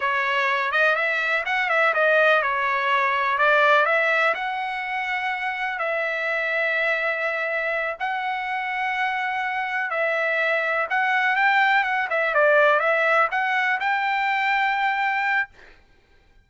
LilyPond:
\new Staff \with { instrumentName = "trumpet" } { \time 4/4 \tempo 4 = 124 cis''4. dis''8 e''4 fis''8 e''8 | dis''4 cis''2 d''4 | e''4 fis''2. | e''1~ |
e''8 fis''2.~ fis''8~ | fis''8 e''2 fis''4 g''8~ | g''8 fis''8 e''8 d''4 e''4 fis''8~ | fis''8 g''2.~ g''8 | }